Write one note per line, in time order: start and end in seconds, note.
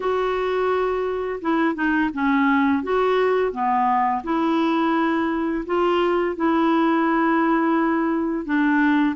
0.00 1.40 F#4
1.41 1.75 E4
1.75 2.10 D#4
2.13 2.83 C#4
2.83 3.51 F#4
3.51 4.22 B3
4.23 5.64 E4
5.66 6.36 F4
6.36 8.45 E4
8.45 9.15 D4